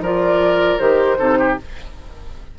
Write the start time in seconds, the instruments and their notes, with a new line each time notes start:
0.00 bassoon F3, clarinet F4, oboe A#4, flute D5
0.79 bassoon D#3, clarinet G4, flute C5
1.18 bassoon C3, clarinet D#4, oboe A4
1.39 oboe G4